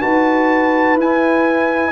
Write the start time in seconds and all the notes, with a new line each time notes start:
0.00 D#4 F#4 B4 A5
0.95 E4 G#5